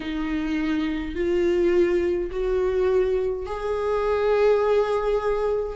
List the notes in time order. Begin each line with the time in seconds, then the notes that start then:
0.00 D#4
1.15 F4
2.30 F#4
3.46 G#4